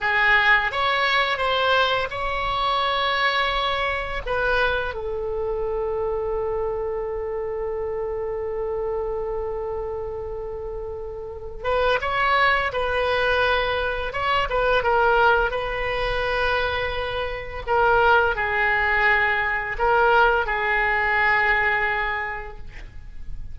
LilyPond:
\new Staff \with { instrumentName = "oboe" } { \time 4/4 \tempo 4 = 85 gis'4 cis''4 c''4 cis''4~ | cis''2 b'4 a'4~ | a'1~ | a'1~ |
a'8 b'8 cis''4 b'2 | cis''8 b'8 ais'4 b'2~ | b'4 ais'4 gis'2 | ais'4 gis'2. | }